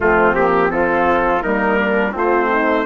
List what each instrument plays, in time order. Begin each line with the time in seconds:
0.00 bassoon F3, horn A3, flute C4, trumpet F4
0.34 horn A#3, trumpet G4
0.69 horn C4, flute F4, trumpet A4
1.41 bassoon G3, horn A#3, flute D#4, trumpet A#4
1.80 flute D4
2.12 bassoon A3, flute C4, horn F4, trumpet C5
2.49 horn D#4